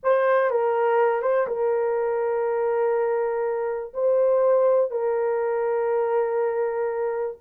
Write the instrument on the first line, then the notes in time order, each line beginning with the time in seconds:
horn
0.03 C5
0.50 A#4
1.22 C5
1.47 A#4
3.93 C5
4.90 A#4